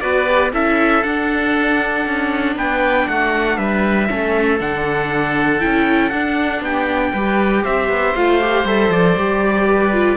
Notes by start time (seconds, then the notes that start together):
0.00 B3 F#4 B4 D5
0.25 G4
0.52 C#4 E4 A4 E5
1.03 D4 F#5
2.06 C#4
2.55 B3 B4 G5
3.08 A3 F#4 F#5
3.57 G3 B4 E5
4.08 A3 C#4 A4
4.60 D3 D4 F#5
5.59 C#4 E4 G5
6.09 D4 F#5
6.60 B3 G4 G5
7.12 G3 G4 B4
7.63 C4 C5 E5
7.89 B3
8.15 A3 F4 F5
8.40 G4
8.64 G3 A4 E5
8.89 F3 D5
9.17 G3 G4
9.67 B4
9.92 F4